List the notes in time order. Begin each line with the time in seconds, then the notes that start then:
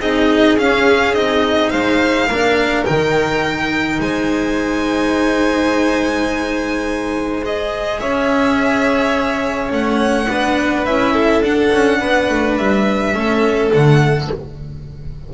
0.00 C4 D#4 G#4 D#5
0.58 C#4 F5
1.14 C4 D#4 D#5
1.70 G#3 C5 F5
2.27 A#3 D4 A#4
2.85 D#3 D#4 G5
4.00 G#3 C5 G#5
7.43 G#4 D#5
8.00 C#4 C#5 E5
9.70 A3 C#4 F#5
10.29 B3 D4 B4
10.86 C#4 E4 E5
11.13 A4
11.42 D4 F#5
11.73 C#4
12.00 B3 B4
12.30 A3
12.58 G3 E5
13.15 A3 C#4 A4
13.71 D3 A3 F#5